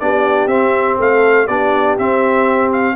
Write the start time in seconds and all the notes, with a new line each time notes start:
0.00 B3 D4 G4 D5
0.47 C4 E5
0.99 A3 A4 F5
1.48 B3 D4 G4 D5
1.98 C4 E5
2.73 F5